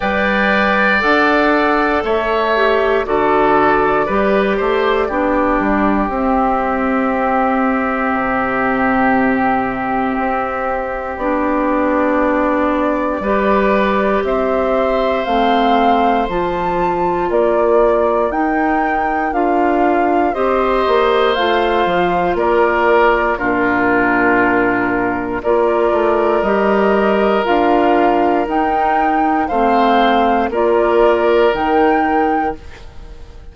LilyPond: <<
  \new Staff \with { instrumentName = "flute" } { \time 4/4 \tempo 4 = 59 g''4 fis''4 e''4 d''4~ | d''2 e''2~ | e''2. d''4~ | d''2 e''4 f''4 |
a''4 d''4 g''4 f''4 | dis''4 f''4 d''4 ais'4~ | ais'4 d''4 dis''4 f''4 | g''4 f''4 d''4 g''4 | }
  \new Staff \with { instrumentName = "oboe" } { \time 4/4 d''2 cis''4 a'4 | b'8 c''8 g'2.~ | g'1~ | g'4 b'4 c''2~ |
c''4 ais'2. | c''2 ais'4 f'4~ | f'4 ais'2.~ | ais'4 c''4 ais'2 | }
  \new Staff \with { instrumentName = "clarinet" } { \time 4/4 b'4 a'4. g'8 fis'4 | g'4 d'4 c'2~ | c'2. d'4~ | d'4 g'2 c'4 |
f'2 dis'4 f'4 | g'4 f'2 d'4~ | d'4 f'4 g'4 f'4 | dis'4 c'4 f'4 dis'4 | }
  \new Staff \with { instrumentName = "bassoon" } { \time 4/4 g4 d'4 a4 d4 | g8 a8 b8 g8 c'2 | c2 c'4 b4~ | b4 g4 c'4 a4 |
f4 ais4 dis'4 d'4 | c'8 ais8 a8 f8 ais4 ais,4~ | ais,4 ais8 a8 g4 d'4 | dis'4 a4 ais4 dis4 | }
>>